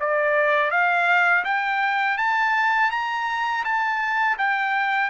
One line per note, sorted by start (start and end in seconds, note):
0.00 0.71 D5
0.71 1.44 F5
1.44 2.17 G5
2.18 2.91 A5
2.91 3.64 A#5
3.64 4.37 A5
4.38 5.10 G5